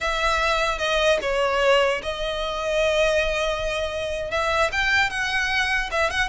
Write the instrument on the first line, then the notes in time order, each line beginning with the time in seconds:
violin
0.00 E5
0.78 D#5
1.21 C#5
2.02 D#5
4.31 E5
4.71 G5
5.09 F#5
5.91 E5
6.10 F#5